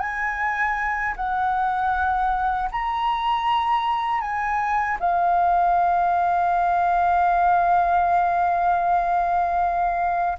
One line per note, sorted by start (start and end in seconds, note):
0.00 1.15 G#5
1.17 2.71 F#5
2.72 4.21 A#5
4.21 4.98 G#5
5.00 10.38 F5